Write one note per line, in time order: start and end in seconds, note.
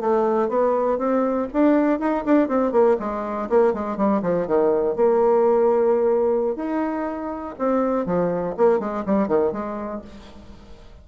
0.00 0.48 A3
0.48 0.98 B3
0.98 1.48 C4
1.53 1.99 D4
1.99 2.24 D#4
2.25 2.48 D4
2.48 2.72 C4
2.72 2.97 A#3
3.00 3.49 G#3
3.49 3.73 A#3
3.73 3.97 G#3
3.97 4.22 G3
4.22 4.47 F3
4.47 4.96 D#3
4.96 6.56 A#3
6.56 7.55 D#4
7.59 8.06 C4
8.06 8.55 F3
8.57 8.79 A#3
8.79 9.04 G#3
9.06 9.28 G3
9.28 9.52 D#3
9.52 10.02 G#3